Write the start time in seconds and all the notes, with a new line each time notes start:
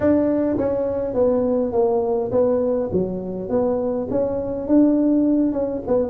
0.00 D4
0.57 C#4
1.14 B3
1.72 A#3
2.31 B3
2.92 F#3
3.49 B3
4.10 C#4
4.67 D4
5.52 C#4
5.87 B3